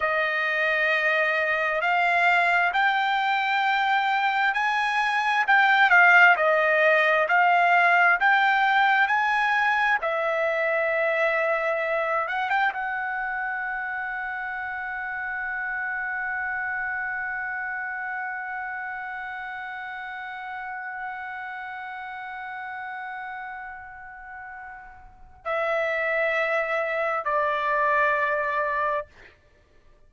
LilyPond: \new Staff \with { instrumentName = "trumpet" } { \time 4/4 \tempo 4 = 66 dis''2 f''4 g''4~ | g''4 gis''4 g''8 f''8 dis''4 | f''4 g''4 gis''4 e''4~ | e''4. fis''16 g''16 fis''2~ |
fis''1~ | fis''1~ | fis''1 | e''2 d''2 | }